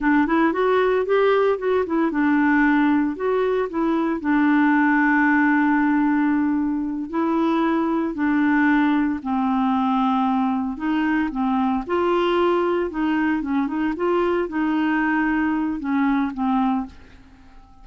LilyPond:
\new Staff \with { instrumentName = "clarinet" } { \time 4/4 \tempo 4 = 114 d'8 e'8 fis'4 g'4 fis'8 e'8 | d'2 fis'4 e'4 | d'1~ | d'4. e'2 d'8~ |
d'4. c'2~ c'8~ | c'8 dis'4 c'4 f'4.~ | f'8 dis'4 cis'8 dis'8 f'4 dis'8~ | dis'2 cis'4 c'4 | }